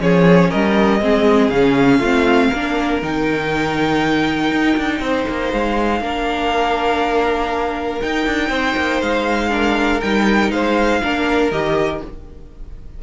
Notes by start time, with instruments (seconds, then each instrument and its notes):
0.00 cello F3, viola C#4, violin G#4 C#5
0.50 cello G3, violin A#4 D#5
1.01 cello G#3, viola C4, violin G#4
1.49 cello C#3, viola C#4, violin F5
1.99 cello A3, viola C4, violin F4
2.48 cello A#3, violin A#4
2.54 viola D4
3.02 cello D#3, viola D#4, violin G5
4.51 cello D#4
4.77 cello D4
5.00 cello C4, violin C5
5.28 cello A#3
5.52 cello G#3, violin F5
6.01 cello A#3, viola D4, violin A#4
8.01 viola D#4, cello D#4, violin G5
8.26 cello D4
8.49 cello C4, violin C5
8.76 cello A#3
9.01 cello G#3, violin F5
9.50 viola D4, violin A#4
10.01 cello G3, viola D#4, violin G5
10.51 cello G#3, violin C5 F5
11.02 cello A#3, viola D4, violin A#4
11.51 cello D#3, viola G4, violin D#5